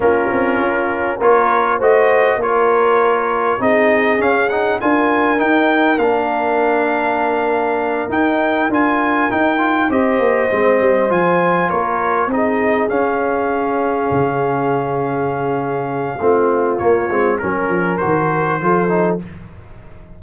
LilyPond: <<
  \new Staff \with { instrumentName = "trumpet" } { \time 4/4 \tempo 4 = 100 ais'2 cis''4 dis''4 | cis''2 dis''4 f''8 fis''8 | gis''4 g''4 f''2~ | f''4. g''4 gis''4 g''8~ |
g''8 dis''2 gis''4 cis''8~ | cis''8 dis''4 f''2~ f''8~ | f''1 | cis''4 ais'4 c''2 | }
  \new Staff \with { instrumentName = "horn" } { \time 4/4 f'2 ais'4 c''4 | ais'2 gis'2 | ais'1~ | ais'1~ |
ais'8 c''2. ais'8~ | ais'8 gis'2.~ gis'8~ | gis'2. f'4~ | f'4 ais'2 a'4 | }
  \new Staff \with { instrumentName = "trombone" } { \time 4/4 cis'2 f'4 fis'4 | f'2 dis'4 cis'8 dis'8 | f'4 dis'4 d'2~ | d'4. dis'4 f'4 dis'8 |
f'8 g'4 c'4 f'4.~ | f'8 dis'4 cis'2~ cis'8~ | cis'2. c'4 | ais8 c'8 cis'4 fis'4 f'8 dis'8 | }
  \new Staff \with { instrumentName = "tuba" } { \time 4/4 ais8 c'8 cis'4 ais4 a4 | ais2 c'4 cis'4 | d'4 dis'4 ais2~ | ais4. dis'4 d'4 dis'8~ |
dis'8 c'8 ais8 gis8 g8 f4 ais8~ | ais8 c'4 cis'2 cis8~ | cis2. a4 | ais8 gis8 fis8 f8 dis4 f4 | }
>>